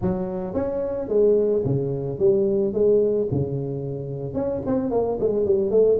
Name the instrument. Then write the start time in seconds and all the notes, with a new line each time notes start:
tuba
0.01 F#3
0.53 C#4
1.08 G#3
1.64 C#3
2.18 G3
2.73 G#3
3.31 C#3
4.34 C#4
4.66 C4
4.90 A#3
5.19 G#3
5.45 G3
5.70 A3